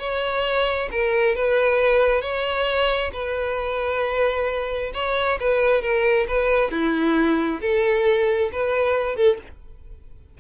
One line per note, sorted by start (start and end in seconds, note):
0.00 0.90 C#5
0.92 1.36 A#4
1.36 2.22 B4
2.22 3.11 C#5
3.14 4.93 B4
4.94 5.39 C#5
5.40 5.82 B4
5.82 6.27 A#4
6.28 6.72 B4
6.72 7.61 E4
7.61 8.51 A4
8.53 9.16 B4
9.16 9.38 A4